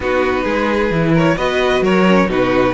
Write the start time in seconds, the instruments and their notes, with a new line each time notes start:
0.00 cello B3, viola D#4, violin F#4 B4
0.43 cello G#3, violin G#4
0.90 cello E3, viola E4
1.13 violin A#4 C#5
1.37 cello B3, viola F#4, violin B4 D#5
1.81 cello F#3, violin A#4 C#5
2.06 viola C#4
2.27 cello B2, viola D#4, violin F#4 B4